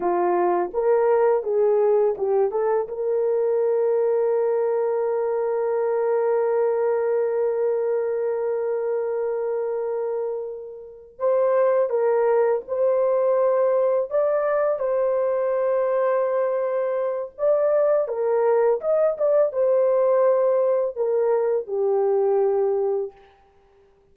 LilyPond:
\new Staff \with { instrumentName = "horn" } { \time 4/4 \tempo 4 = 83 f'4 ais'4 gis'4 g'8 a'8 | ais'1~ | ais'1~ | ais'2.~ ais'8 c''8~ |
c''8 ais'4 c''2 d''8~ | d''8 c''2.~ c''8 | d''4 ais'4 dis''8 d''8 c''4~ | c''4 ais'4 g'2 | }